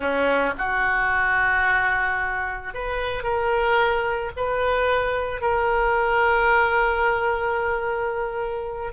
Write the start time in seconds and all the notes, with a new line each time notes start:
0.00 C#4
0.57 F#4
2.74 B4
3.23 A#4
4.36 B4
5.41 A#4